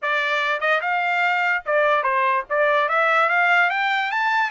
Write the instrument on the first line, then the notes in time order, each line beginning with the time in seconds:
trumpet
0.02 D5
0.60 D#5
0.81 F5
1.65 D5
2.03 C5
2.49 D5
2.88 E5
3.29 F5
3.70 G5
4.11 A5